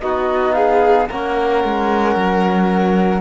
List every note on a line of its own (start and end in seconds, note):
0.00 1.09 B3
0.00 1.08 D#4
0.00 0.55 F#4
0.00 0.53 D#5
0.53 1.09 G#4
0.53 1.06 F5
1.09 1.64 A#3
1.09 3.21 C#4
1.09 3.21 A#4
1.09 3.21 F#5
1.64 2.16 G#3
2.16 3.21 F#3